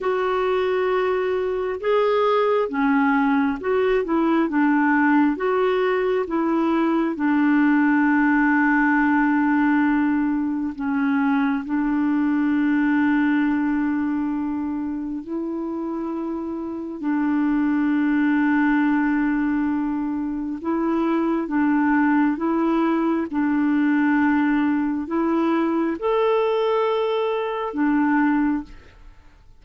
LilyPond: \new Staff \with { instrumentName = "clarinet" } { \time 4/4 \tempo 4 = 67 fis'2 gis'4 cis'4 | fis'8 e'8 d'4 fis'4 e'4 | d'1 | cis'4 d'2.~ |
d'4 e'2 d'4~ | d'2. e'4 | d'4 e'4 d'2 | e'4 a'2 d'4 | }